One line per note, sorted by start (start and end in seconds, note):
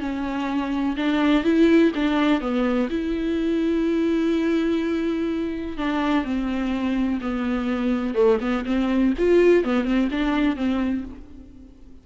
0.00 0.96 C#4
0.97 1.44 D4
1.44 1.92 E4
1.95 2.41 D4
2.41 2.89 B3
2.90 5.77 E4
5.77 6.24 D4
6.24 7.20 C4
7.21 8.15 B3
8.15 8.39 A3
8.41 8.65 B3
8.65 9.13 C4
9.18 9.64 F4
9.64 9.85 B3
9.85 10.09 C4
10.11 10.56 D4
10.56 11.04 C4